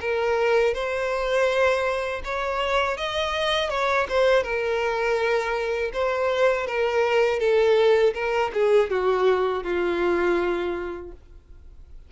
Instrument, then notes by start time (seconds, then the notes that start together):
violin
0.00 A#4
0.74 C5
2.24 C#5
2.97 D#5
3.69 C#5
4.08 C5
4.43 A#4
5.93 C5
6.67 A#4
7.39 A4
8.14 A#4
8.53 G#4
8.90 F#4
9.63 F4